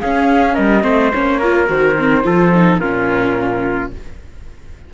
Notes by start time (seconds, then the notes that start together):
0.00 C#4 G#4 F5
0.54 G3 A#4 D#5
0.82 A3 C4 C5
1.12 A#3 C#4 C#5
1.40 F4 A#4
1.67 D#3 F#4 C5
1.99 C4
2.24 F3 F4 A4
2.55 D#4
2.78 A#2 C#4 F4 A#4